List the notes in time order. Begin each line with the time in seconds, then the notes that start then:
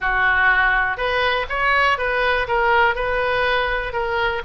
0.00 F#4
0.97 B4
1.49 C#5
1.98 B4
2.47 A#4
2.95 B4
3.92 A#4